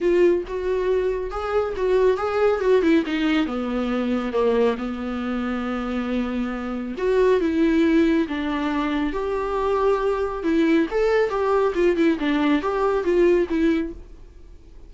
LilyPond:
\new Staff \with { instrumentName = "viola" } { \time 4/4 \tempo 4 = 138 f'4 fis'2 gis'4 | fis'4 gis'4 fis'8 e'8 dis'4 | b2 ais4 b4~ | b1 |
fis'4 e'2 d'4~ | d'4 g'2. | e'4 a'4 g'4 f'8 e'8 | d'4 g'4 f'4 e'4 | }